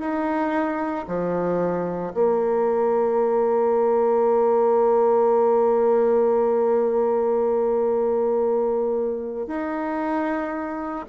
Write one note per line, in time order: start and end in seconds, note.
0.00 1.05 D#4
1.08 2.13 F3
2.14 9.47 A#3
9.47 11.05 D#4